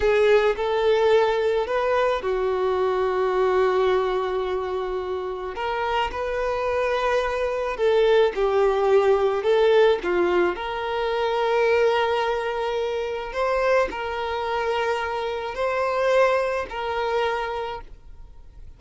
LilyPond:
\new Staff \with { instrumentName = "violin" } { \time 4/4 \tempo 4 = 108 gis'4 a'2 b'4 | fis'1~ | fis'2 ais'4 b'4~ | b'2 a'4 g'4~ |
g'4 a'4 f'4 ais'4~ | ais'1 | c''4 ais'2. | c''2 ais'2 | }